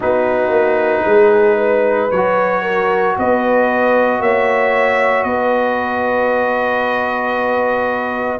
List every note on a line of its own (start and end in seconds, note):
0.00 0.49 B3
0.00 2.10 D#4
0.00 1.04 F#4
0.00 2.11 B4
0.49 1.02 A#3
1.05 2.10 G#3
1.05 1.57 G#4
1.57 2.62 B4
2.11 3.16 F#3
2.11 8.39 F#4
2.11 3.16 C#5
2.62 3.15 A#4
3.18 4.19 B3
3.18 4.21 B4
3.18 4.21 D#5
4.19 5.23 A#3
4.19 5.25 C#5
4.19 5.23 E5
5.23 8.39 B3
5.23 8.39 B4
5.23 8.39 D#5